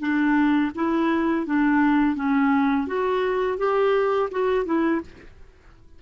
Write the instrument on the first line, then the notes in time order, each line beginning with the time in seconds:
clarinet
0.00 D4
0.75 E4
1.46 D4
2.16 C#4
2.87 F#4
3.58 G4
4.31 F#4
4.66 E4